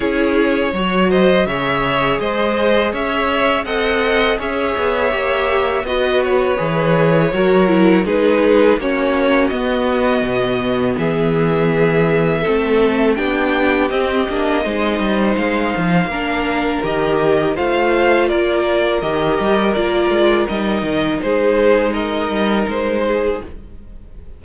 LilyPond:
<<
  \new Staff \with { instrumentName = "violin" } { \time 4/4 \tempo 4 = 82 cis''4. dis''8 e''4 dis''4 | e''4 fis''4 e''2 | dis''8 cis''2~ cis''8 b'4 | cis''4 dis''2 e''4~ |
e''2 g''4 dis''4~ | dis''4 f''2 dis''4 | f''4 d''4 dis''4 d''4 | dis''4 c''4 dis''4 c''4 | }
  \new Staff \with { instrumentName = "violin" } { \time 4/4 gis'4 cis''8 c''8 cis''4 c''4 | cis''4 dis''4 cis''2 | b'2 ais'4 gis'4 | fis'2. gis'4~ |
gis'4 a'4 g'2 | c''2 ais'2 | c''4 ais'2.~ | ais'4 gis'4 ais'4. gis'8 | }
  \new Staff \with { instrumentName = "viola" } { \time 4/4 e'4 fis'4 gis'2~ | gis'4 a'4 gis'4 g'4 | fis'4 gis'4 fis'8 e'8 dis'4 | cis'4 b2.~ |
b4 c'4 d'4 c'8 d'8 | dis'2 d'4 g'4 | f'2 g'4 f'4 | dis'1 | }
  \new Staff \with { instrumentName = "cello" } { \time 4/4 cis'4 fis4 cis4 gis4 | cis'4 c'4 cis'8 b8 ais4 | b4 e4 fis4 gis4 | ais4 b4 b,4 e4~ |
e4 a4 b4 c'8 ais8 | gis8 g8 gis8 f8 ais4 dis4 | a4 ais4 dis8 g8 ais8 gis8 | g8 dis8 gis4. g8 gis4 | }
>>